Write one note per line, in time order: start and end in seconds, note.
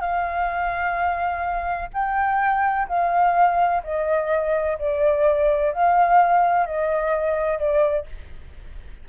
0.00 1.89 F5
1.93 2.87 G5
2.88 3.82 F5
3.83 4.78 D#5
4.78 5.72 D5
5.72 6.66 F5
6.66 7.58 D#5
7.58 8.05 D5